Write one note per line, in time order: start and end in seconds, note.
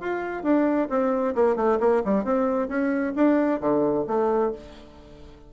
0.00 0.43 F4
0.43 0.89 D4
0.90 1.35 C4
1.35 1.56 A#3
1.56 1.79 A3
1.80 2.03 A#3
2.05 2.25 G3
2.25 2.68 C4
2.68 3.14 C#4
3.16 3.60 D4
3.60 4.06 D3
4.07 4.52 A3